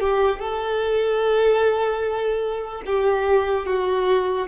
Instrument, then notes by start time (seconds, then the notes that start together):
violin
0.00 G4
0.39 A4
2.86 G4
3.66 F#4